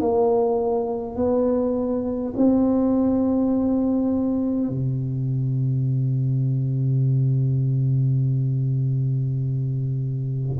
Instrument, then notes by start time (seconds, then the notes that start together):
tuba
0.00 A#3
1.15 B3
2.36 C4
4.69 C3